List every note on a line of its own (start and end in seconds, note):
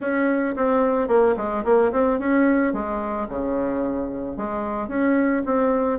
0.00 0.55 C#4
0.56 1.08 C4
1.08 1.35 A#3
1.36 1.64 G#3
1.64 1.91 A#3
1.91 2.19 C4
2.19 2.73 C#4
2.73 3.27 G#3
3.29 4.36 C#3
4.36 4.88 G#3
4.88 5.42 C#4
5.45 5.99 C4